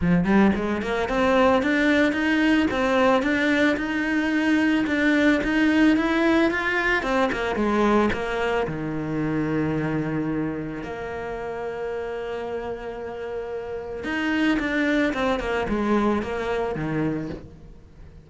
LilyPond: \new Staff \with { instrumentName = "cello" } { \time 4/4 \tempo 4 = 111 f8 g8 gis8 ais8 c'4 d'4 | dis'4 c'4 d'4 dis'4~ | dis'4 d'4 dis'4 e'4 | f'4 c'8 ais8 gis4 ais4 |
dis1 | ais1~ | ais2 dis'4 d'4 | c'8 ais8 gis4 ais4 dis4 | }